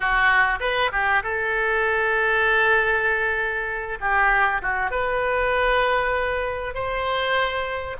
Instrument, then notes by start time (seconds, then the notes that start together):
oboe
0.00 F#4
0.60 B4
0.92 G4
1.23 A4
4.00 G4
4.62 F#4
4.90 B4
6.74 C5